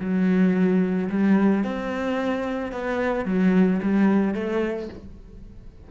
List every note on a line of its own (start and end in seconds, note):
0.00 1.09 F#3
1.10 1.64 G3
1.64 2.72 C4
2.72 3.25 B3
3.25 3.80 F#3
3.82 4.34 G3
4.34 4.88 A3